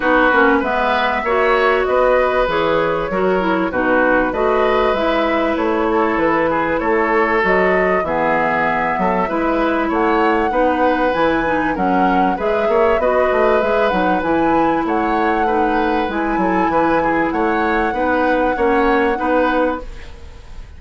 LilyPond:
<<
  \new Staff \with { instrumentName = "flute" } { \time 4/4 \tempo 4 = 97 b'4 e''2 dis''4 | cis''2 b'4 dis''4 | e''4 cis''4 b'4 cis''4 | dis''4 e''2. |
fis''2 gis''4 fis''4 | e''4 dis''4 e''8 fis''8 gis''4 | fis''2 gis''2 | fis''1 | }
  \new Staff \with { instrumentName = "oboe" } { \time 4/4 fis'4 b'4 cis''4 b'4~ | b'4 ais'4 fis'4 b'4~ | b'4. a'4 gis'8 a'4~ | a'4 gis'4. a'8 b'4 |
cis''4 b'2 ais'4 | b'8 cis''8 b'2. | cis''4 b'4. a'8 b'8 gis'8 | cis''4 b'4 cis''4 b'4 | }
  \new Staff \with { instrumentName = "clarinet" } { \time 4/4 dis'8 cis'8 b4 fis'2 | gis'4 fis'8 e'8 dis'4 fis'4 | e'1 | fis'4 b2 e'4~ |
e'4 dis'4 e'8 dis'8 cis'4 | gis'4 fis'4 gis'8 dis'8 e'4~ | e'4 dis'4 e'2~ | e'4 dis'4 cis'4 dis'4 | }
  \new Staff \with { instrumentName = "bassoon" } { \time 4/4 b8 ais8 gis4 ais4 b4 | e4 fis4 b,4 a4 | gis4 a4 e4 a4 | fis4 e4. fis8 gis4 |
a4 b4 e4 fis4 | gis8 ais8 b8 a8 gis8 fis8 e4 | a2 gis8 fis8 e4 | a4 b4 ais4 b4 | }
>>